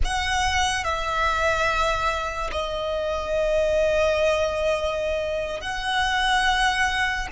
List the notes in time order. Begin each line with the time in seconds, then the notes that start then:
0.04 F#5
0.83 E5
2.51 D#5
5.60 F#5